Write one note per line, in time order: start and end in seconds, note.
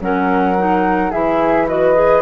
0.00 1.11 F#3
0.00 0.56 C#4
0.00 1.10 A#4
0.00 1.12 F#5
0.57 1.12 D#4
1.10 2.21 E3
1.10 1.67 E4
1.10 1.66 G#4
1.10 1.67 E5
1.68 1.94 F#4
1.68 2.21 B4
1.68 2.21 D#5
1.94 2.21 G#4